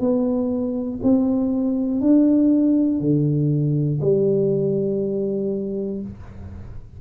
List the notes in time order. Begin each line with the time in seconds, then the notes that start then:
0.00 B3
1.02 C4
2.00 D4
3.00 D3
4.00 G3